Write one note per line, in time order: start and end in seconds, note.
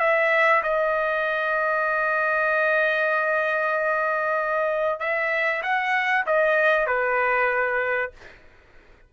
0.00 0.62 E5
0.63 5.00 D#5
5.00 5.62 E5
5.63 6.25 F#5
6.26 6.87 D#5
6.87 8.12 B4